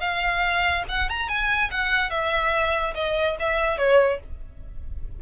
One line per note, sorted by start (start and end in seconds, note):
0.00 0.83 F5
0.88 1.09 F#5
1.09 1.29 A#5
1.29 1.70 G#5
1.71 2.10 F#5
2.10 2.94 E5
2.95 3.36 D#5
3.39 3.78 E5
3.78 4.19 C#5